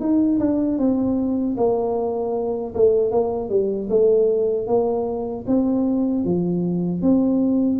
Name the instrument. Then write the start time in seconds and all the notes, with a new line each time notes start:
tuba
0.00 D#4
0.39 D4
0.78 C4
1.57 A#3
2.74 A3
3.11 A#3
3.49 G3
3.89 A3
4.67 A#3
5.47 C4
6.24 F3
7.02 C4